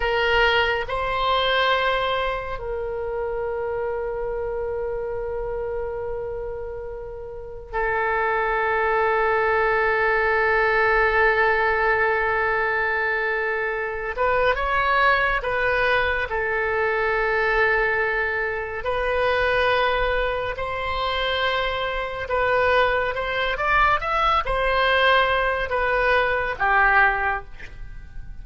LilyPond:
\new Staff \with { instrumentName = "oboe" } { \time 4/4 \tempo 4 = 70 ais'4 c''2 ais'4~ | ais'1~ | ais'4 a'2.~ | a'1~ |
a'8 b'8 cis''4 b'4 a'4~ | a'2 b'2 | c''2 b'4 c''8 d''8 | e''8 c''4. b'4 g'4 | }